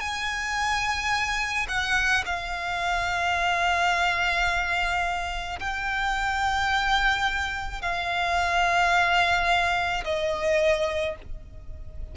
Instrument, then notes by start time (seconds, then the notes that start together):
violin
0.00 G#5
1.69 F#5
2.26 F5
5.60 G5
7.82 F5
10.05 D#5